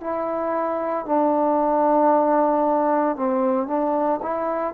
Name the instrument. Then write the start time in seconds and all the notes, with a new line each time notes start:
trombone
0.00 E4
1.06 D4
3.16 C4
3.67 D4
4.22 E4